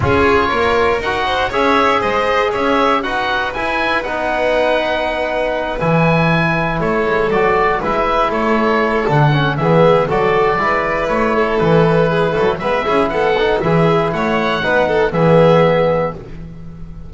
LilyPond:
<<
  \new Staff \with { instrumentName = "oboe" } { \time 4/4 \tempo 4 = 119 cis''2 fis''4 e''4 | dis''4 e''4 fis''4 gis''4 | fis''2.~ fis''8 gis''8~ | gis''4. cis''4 d''4 e''8~ |
e''8 cis''4. fis''4 e''4 | d''2 cis''4 b'4~ | b'4 e''4 fis''4 e''4 | fis''2 e''2 | }
  \new Staff \with { instrumentName = "violin" } { \time 4/4 gis'4 ais'4. c''8 cis''4 | c''4 cis''4 b'2~ | b'1~ | b'4. a'2 b'8~ |
b'8 a'2~ a'8 gis'4 | a'4 b'4. a'4. | gis'8 a'8 b'8 gis'8 a'4 gis'4 | cis''4 b'8 a'8 gis'2 | }
  \new Staff \with { instrumentName = "trombone" } { \time 4/4 f'2 fis'4 gis'4~ | gis'2 fis'4 e'4 | dis'2.~ dis'8 e'8~ | e'2~ e'8 fis'4 e'8~ |
e'2 d'8 cis'8 b4 | fis'4 e'2.~ | e'4 b8 e'4 dis'8 e'4~ | e'4 dis'4 b2 | }
  \new Staff \with { instrumentName = "double bass" } { \time 4/4 cis'4 ais4 dis'4 cis'4 | gis4 cis'4 dis'4 e'4 | b2.~ b8 e8~ | e4. a8 gis8 fis4 gis8~ |
gis8 a4. d4 e4 | fis4 gis4 a4 e4~ | e8 fis8 gis8 cis'8 b4 e4 | a4 b4 e2 | }
>>